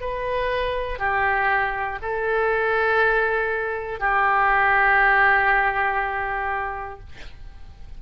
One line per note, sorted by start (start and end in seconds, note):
0.00 0.99 B4
0.99 1.99 G4
2.02 4.00 A4
4.00 7.00 G4